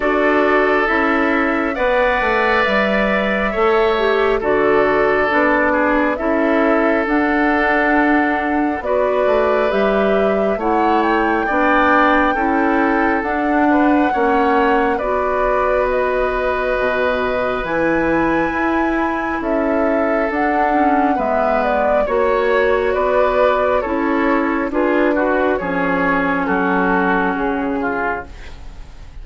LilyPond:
<<
  \new Staff \with { instrumentName = "flute" } { \time 4/4 \tempo 4 = 68 d''4 e''4 fis''4 e''4~ | e''4 d''2 e''4 | fis''2 d''4 e''4 | fis''8 g''2~ g''8 fis''4~ |
fis''4 d''4 dis''2 | gis''2 e''4 fis''4 | e''8 d''8 cis''4 d''4 cis''4 | b'4 cis''4 a'4 gis'4 | }
  \new Staff \with { instrumentName = "oboe" } { \time 4/4 a'2 d''2 | cis''4 a'4. gis'8 a'4~ | a'2 b'2 | cis''4 d''4 a'4. b'8 |
cis''4 b'2.~ | b'2 a'2 | b'4 cis''4 b'4 a'4 | gis'8 fis'8 gis'4 fis'4. f'8 | }
  \new Staff \with { instrumentName = "clarinet" } { \time 4/4 fis'4 e'4 b'2 | a'8 g'8 fis'4 d'4 e'4 | d'2 fis'4 g'4 | e'4 d'4 e'4 d'4 |
cis'4 fis'2. | e'2. d'8 cis'8 | b4 fis'2 e'4 | f'8 fis'8 cis'2. | }
  \new Staff \with { instrumentName = "bassoon" } { \time 4/4 d'4 cis'4 b8 a8 g4 | a4 d4 b4 cis'4 | d'2 b8 a8 g4 | a4 b4 cis'4 d'4 |
ais4 b2 b,4 | e4 e'4 cis'4 d'4 | gis4 ais4 b4 cis'4 | d'4 f4 fis4 cis4 | }
>>